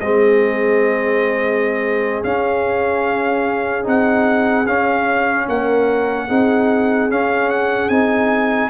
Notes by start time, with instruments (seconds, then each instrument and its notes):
0.00 tuba G#3, trombone C4, horn G#4, trumpet D#5
2.23 tuba C#4, trombone C#4, trumpet F5
3.84 tuba C4, trombone D#4, trumpet F#5
4.66 tuba C#4, trombone C#4, trumpet F5
5.48 tuba A#3, horn A#4, trumpet F#5
6.28 tuba C4, trombone D#4, horn G#4
7.10 trombone C#4, tuba C#4, trumpet F5
7.49 trumpet F#5
7.89 tuba C4, trombone D#4, trumpet G#5